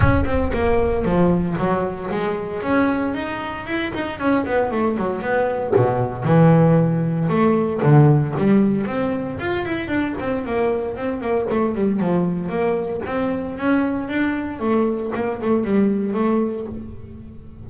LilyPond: \new Staff \with { instrumentName = "double bass" } { \time 4/4 \tempo 4 = 115 cis'8 c'8 ais4 f4 fis4 | gis4 cis'4 dis'4 e'8 dis'8 | cis'8 b8 a8 fis8 b4 b,4 | e2 a4 d4 |
g4 c'4 f'8 e'8 d'8 c'8 | ais4 c'8 ais8 a8 g8 f4 | ais4 c'4 cis'4 d'4 | a4 ais8 a8 g4 a4 | }